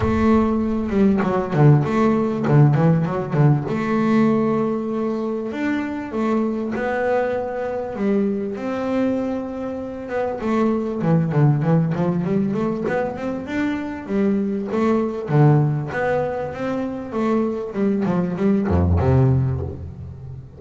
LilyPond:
\new Staff \with { instrumentName = "double bass" } { \time 4/4 \tempo 4 = 98 a4. g8 fis8 d8 a4 | d8 e8 fis8 d8 a2~ | a4 d'4 a4 b4~ | b4 g4 c'2~ |
c'8 b8 a4 e8 d8 e8 f8 | g8 a8 b8 c'8 d'4 g4 | a4 d4 b4 c'4 | a4 g8 f8 g8 f,8 c4 | }